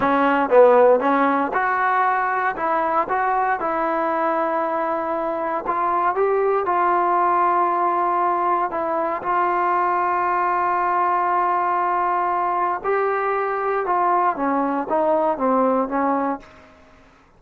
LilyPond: \new Staff \with { instrumentName = "trombone" } { \time 4/4 \tempo 4 = 117 cis'4 b4 cis'4 fis'4~ | fis'4 e'4 fis'4 e'4~ | e'2. f'4 | g'4 f'2.~ |
f'4 e'4 f'2~ | f'1~ | f'4 g'2 f'4 | cis'4 dis'4 c'4 cis'4 | }